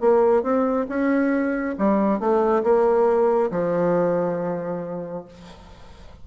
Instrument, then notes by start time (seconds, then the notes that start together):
bassoon
0.00 A#3
0.43 C4
0.89 C#4
1.78 G3
2.19 A3
2.63 A#3
3.51 F3